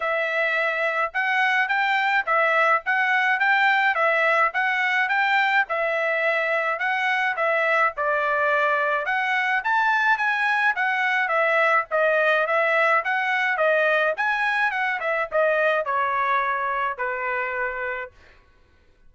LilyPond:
\new Staff \with { instrumentName = "trumpet" } { \time 4/4 \tempo 4 = 106 e''2 fis''4 g''4 | e''4 fis''4 g''4 e''4 | fis''4 g''4 e''2 | fis''4 e''4 d''2 |
fis''4 a''4 gis''4 fis''4 | e''4 dis''4 e''4 fis''4 | dis''4 gis''4 fis''8 e''8 dis''4 | cis''2 b'2 | }